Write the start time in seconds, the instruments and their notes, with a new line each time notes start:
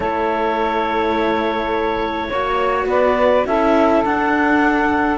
0.00 cello A3 E4, saxophone A4, clarinet C#5
2.28 cello A#3 F#4, saxophone C#5
2.86 cello B3, saxophone B4, clarinet D5
3.46 cello C#4 E4, saxophone A4, clarinet E5
4.04 cello D4, clarinet F#5